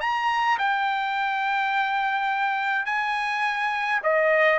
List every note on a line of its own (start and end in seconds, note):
0.00 0.58 A#5
0.58 2.86 G5
2.86 4.01 G#5
4.03 4.59 D#5